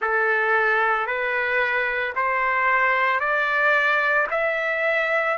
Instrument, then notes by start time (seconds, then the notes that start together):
trumpet
0.00 A4
1.06 B4
2.15 C5
3.19 D5
4.31 E5